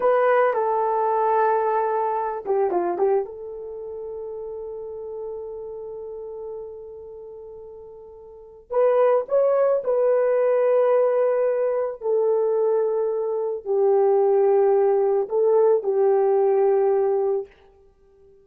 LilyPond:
\new Staff \with { instrumentName = "horn" } { \time 4/4 \tempo 4 = 110 b'4 a'2.~ | a'8 g'8 f'8 g'8 a'2~ | a'1~ | a'1 |
b'4 cis''4 b'2~ | b'2 a'2~ | a'4 g'2. | a'4 g'2. | }